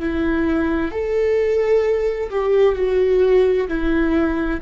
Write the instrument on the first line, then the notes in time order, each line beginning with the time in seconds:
viola
0.00 E4
0.91 A4
2.30 G4
2.76 F#4
3.68 E4